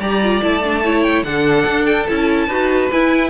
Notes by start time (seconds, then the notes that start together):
0.00 G3 G4 D5 A#5
0.24 F4
0.42 A3 E4 A5
0.64 D4
0.84 E4 C#5
1.03 G5
1.23 D3 D4 A4 F#5
1.66 D4
1.86 G5
2.07 C#4 E4 A5
2.48 D#4 F#4 B4
2.92 E4 G#5